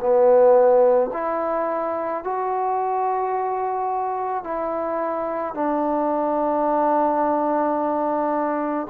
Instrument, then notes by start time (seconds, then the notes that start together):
trombone
0.00 B3
1.14 E4
2.24 F#4
4.44 E4
5.55 D4